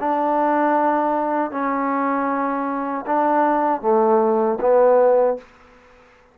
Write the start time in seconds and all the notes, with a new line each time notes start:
0.00 D4
1.51 C#4
3.06 D4
3.81 A3
4.60 B3